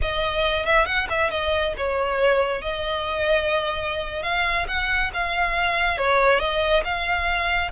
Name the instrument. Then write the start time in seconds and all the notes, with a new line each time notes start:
violin
0.01 D#5
0.65 E5
0.85 F#5
1.09 E5
1.30 D#5
1.77 C#5
2.61 D#5
4.23 F5
4.67 F#5
5.13 F5
5.97 C#5
6.39 D#5
6.84 F5